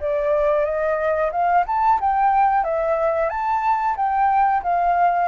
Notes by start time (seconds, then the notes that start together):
0.00 D5
0.64 D#5
1.31 F5
1.67 A5
2.00 G5
2.64 E5
3.29 A5
3.96 G5
4.62 F5